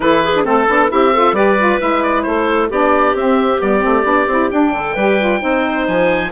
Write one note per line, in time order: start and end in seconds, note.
0.00 0.44 E3
0.00 0.33 E4
0.00 0.23 A4
0.00 0.43 B4
0.23 0.46 G#4
0.35 0.44 D4
0.44 0.67 A3
0.44 0.67 C4
0.44 0.90 A4
0.44 0.92 A4
0.67 0.90 B3
0.67 0.88 D4
0.88 1.32 C4
0.88 1.11 E4
0.88 1.13 G4
0.88 1.35 E5
1.13 1.34 F4
1.13 1.35 A4
1.32 1.77 G3
1.32 1.56 G4
1.32 2.26 B4
1.32 1.80 D5
1.58 1.79 F4
1.79 2.26 G#3
1.79 2.69 E4
1.79 2.02 E5
2.02 2.22 D5
2.22 2.70 A3
2.22 2.69 A4
2.22 2.67 C5
2.69 3.14 B3
2.69 3.16 D4
2.69 4.72 G4
2.69 3.16 D5
3.14 3.59 C4
3.14 3.60 C4
3.14 3.61 E5
3.60 3.84 G3
3.60 3.80 B3
3.60 4.50 D5
3.80 4.04 A3
3.80 4.02 C4
4.04 4.27 B3
4.04 4.27 D4
4.27 4.50 C4
4.27 4.50 E4
4.50 4.96 D4
4.50 4.72 D4
4.50 5.86 G5
4.72 4.94 D3
4.72 4.94 A4
4.94 5.41 G3
4.94 5.19 G4
4.94 5.39 B4
5.19 5.39 F4
5.39 5.87 C4
5.39 6.29 D#4
5.39 6.31 C5
5.87 6.32 F3
5.87 6.32 G#5